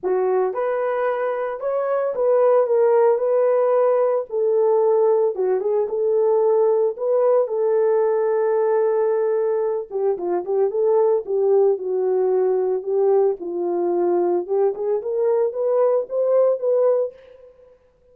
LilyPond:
\new Staff \with { instrumentName = "horn" } { \time 4/4 \tempo 4 = 112 fis'4 b'2 cis''4 | b'4 ais'4 b'2 | a'2 fis'8 gis'8 a'4~ | a'4 b'4 a'2~ |
a'2~ a'8 g'8 f'8 g'8 | a'4 g'4 fis'2 | g'4 f'2 g'8 gis'8 | ais'4 b'4 c''4 b'4 | }